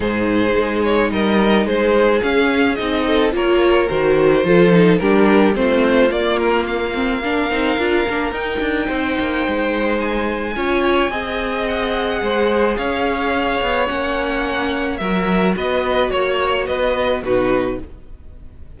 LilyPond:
<<
  \new Staff \with { instrumentName = "violin" } { \time 4/4 \tempo 4 = 108 c''4. cis''8 dis''4 c''4 | f''4 dis''4 cis''4 c''4~ | c''4 ais'4 c''4 d''8 ais'8 | f''2. g''4~ |
g''2 gis''2~ | gis''4 fis''2 f''4~ | f''4 fis''2 e''4 | dis''4 cis''4 dis''4 b'4 | }
  \new Staff \with { instrumentName = "violin" } { \time 4/4 gis'2 ais'4 gis'4~ | gis'4. a'8 ais'2 | a'4 g'4 f'2~ | f'4 ais'2. |
c''2. cis''4 | dis''2 c''4 cis''4~ | cis''2. ais'4 | b'4 cis''4 b'4 fis'4 | }
  \new Staff \with { instrumentName = "viola" } { \time 4/4 dis'1 | cis'4 dis'4 f'4 fis'4 | f'8 dis'8 d'4 c'4 ais4~ | ais8 c'8 d'8 dis'8 f'8 d'8 dis'4~ |
dis'2. f'4 | gis'1~ | gis'4 cis'2 fis'4~ | fis'2. dis'4 | }
  \new Staff \with { instrumentName = "cello" } { \time 4/4 gis,4 gis4 g4 gis4 | cis'4 c'4 ais4 dis4 | f4 g4 a4 ais4~ | ais4. c'8 d'8 ais8 dis'8 d'8 |
c'8 ais8 gis2 cis'4 | c'2 gis4 cis'4~ | cis'8 b8 ais2 fis4 | b4 ais4 b4 b,4 | }
>>